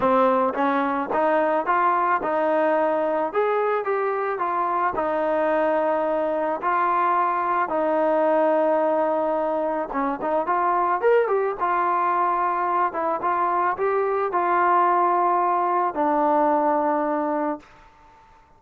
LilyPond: \new Staff \with { instrumentName = "trombone" } { \time 4/4 \tempo 4 = 109 c'4 cis'4 dis'4 f'4 | dis'2 gis'4 g'4 | f'4 dis'2. | f'2 dis'2~ |
dis'2 cis'8 dis'8 f'4 | ais'8 g'8 f'2~ f'8 e'8 | f'4 g'4 f'2~ | f'4 d'2. | }